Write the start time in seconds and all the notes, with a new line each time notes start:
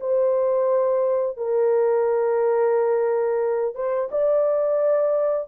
0.00 C5
1.37 A#4
3.75 C5
4.11 D5